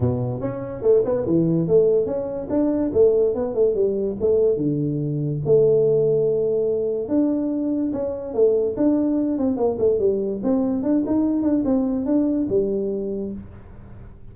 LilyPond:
\new Staff \with { instrumentName = "tuba" } { \time 4/4 \tempo 4 = 144 b,4 cis'4 a8 b8 e4 | a4 cis'4 d'4 a4 | b8 a8 g4 a4 d4~ | d4 a2.~ |
a4 d'2 cis'4 | a4 d'4. c'8 ais8 a8 | g4 c'4 d'8 dis'4 d'8 | c'4 d'4 g2 | }